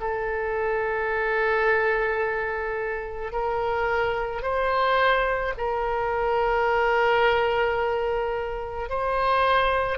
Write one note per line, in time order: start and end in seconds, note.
0.00 3.32 A4
3.32 4.42 A#4
4.42 5.53 C5
5.57 8.89 A#4
8.89 9.97 C5